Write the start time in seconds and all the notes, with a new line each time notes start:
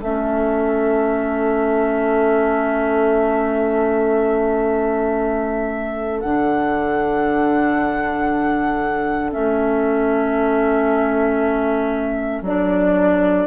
0.00 A3 C#4 A4 E5
6.20 D3 D4 F#5
9.32 A3 C#4 E5
12.42 F#3 D4 D5